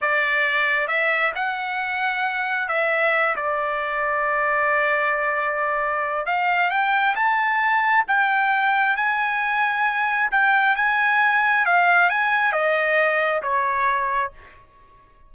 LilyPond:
\new Staff \with { instrumentName = "trumpet" } { \time 4/4 \tempo 4 = 134 d''2 e''4 fis''4~ | fis''2 e''4. d''8~ | d''1~ | d''2 f''4 g''4 |
a''2 g''2 | gis''2. g''4 | gis''2 f''4 gis''4 | dis''2 cis''2 | }